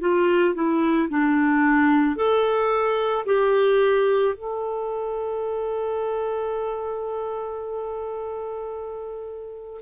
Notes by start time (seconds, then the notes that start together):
0.00 F4
0.54 E4
1.09 D4
2.16 A4
3.26 G4
4.35 A4